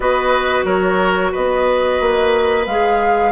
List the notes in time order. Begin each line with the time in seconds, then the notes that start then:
0.00 B3 F#4 B4 D#5
0.64 F#3 A#4 C#5
1.31 B3 B4 D#5
2.00 A#3
2.66 G#3 G#4 F5